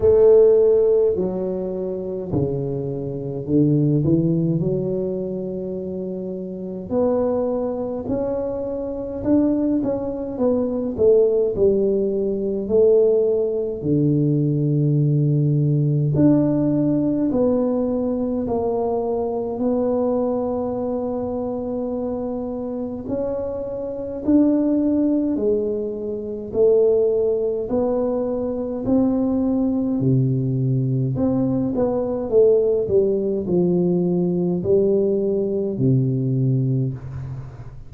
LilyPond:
\new Staff \with { instrumentName = "tuba" } { \time 4/4 \tempo 4 = 52 a4 fis4 cis4 d8 e8 | fis2 b4 cis'4 | d'8 cis'8 b8 a8 g4 a4 | d2 d'4 b4 |
ais4 b2. | cis'4 d'4 gis4 a4 | b4 c'4 c4 c'8 b8 | a8 g8 f4 g4 c4 | }